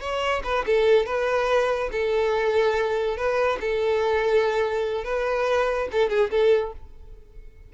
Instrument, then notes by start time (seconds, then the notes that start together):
violin
0.00 C#5
0.43 B4
0.66 A4
1.05 B4
1.91 A4
3.16 B4
3.60 A4
5.04 B4
5.91 A4
6.09 G#4
6.30 A4